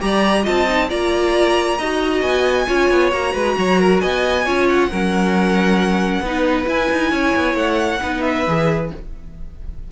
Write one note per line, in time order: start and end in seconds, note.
0.00 0.47 G3
0.00 0.43 G4
0.00 0.43 D5
0.00 0.45 A#5
0.43 0.91 C4
0.43 0.66 F4
0.43 0.88 D#5
0.43 0.90 A5
0.69 0.89 D#4
0.89 1.79 A#3
0.89 1.78 F4
0.89 1.78 D5
0.89 2.22 A#5
1.78 2.22 D#4
1.78 2.67 F#4
1.78 2.67 D#5
2.22 2.67 B3
2.22 3.11 G#5
2.67 2.91 C#4
2.67 3.11 F4
2.67 3.33 C#5
2.91 3.12 B3
3.11 3.34 A#3
3.11 4.45 F#4
3.11 4.00 A#5
3.33 3.57 G#3
3.33 3.55 B4
3.58 4.03 F#3
3.58 3.80 C#5
3.80 4.02 A#4
4.00 4.47 B3
4.00 4.45 D#5
4.00 4.67 G#5
4.45 4.91 C#4
4.45 4.91 F4
4.45 4.90 C#5
4.69 6.69 F#5
4.90 6.20 F#3
4.90 6.25 C#4
4.90 6.24 A#4
6.20 6.65 B3
6.20 6.64 D#4
6.20 7.11 B4
6.64 7.98 E4
6.64 6.89 E4
6.64 7.56 G#5
6.92 7.12 D#4
7.11 7.34 C#4
7.11 8.00 C#5
7.36 7.55 B3
7.55 8.00 A3
7.55 8.21 F#5
8.02 8.47 B3
8.02 8.47 D#4
8.02 8.92 B4
8.21 8.87 E5
8.47 8.92 E3
8.47 8.92 G#4